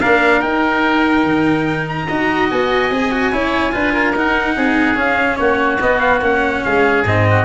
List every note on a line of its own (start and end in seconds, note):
0.00 0.43 A#3
0.00 0.41 D4
0.00 2.07 A#4
0.00 0.41 F5
0.41 2.07 D#4
0.41 1.23 D#4
0.41 1.86 G5
1.23 2.06 D#3
1.87 2.49 A#5
2.07 2.50 D#4
2.07 2.92 F#4
2.07 3.31 D#5
2.50 2.90 B3
2.50 4.15 G#5
2.90 3.31 C4
2.90 3.11 G#4
3.11 3.32 F#4
3.31 3.74 C#4
3.31 3.72 E4
3.31 3.72 C#5
3.72 4.15 D4
3.72 4.13 F4
3.72 3.93 B4
3.93 4.55 A#4
4.15 4.56 D#4
4.15 4.95 D#4
4.15 4.98 F#5
4.56 4.95 C4
4.56 5.39 G#4
4.95 5.78 C#4
4.95 5.37 C#4
4.95 5.36 F5
5.36 5.80 A#3
5.36 6.63 F#4
5.36 5.77 C#5
5.80 6.21 B3
5.80 6.20 B3
5.80 5.99 D#5
5.99 6.19 F5
6.20 6.62 A#3
6.20 7.04 C#4
6.20 6.64 F#5
6.64 7.04 G#3
6.64 7.27 G#4
6.64 7.05 F5
7.04 7.44 G#2
7.04 7.44 C4
7.04 7.44 D#5
7.30 7.44 F#4